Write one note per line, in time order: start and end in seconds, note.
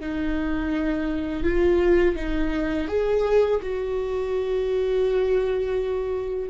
0.00 1.43 D#4
1.43 2.16 F4
2.16 2.88 D#4
2.88 3.60 G#4
3.62 6.49 F#4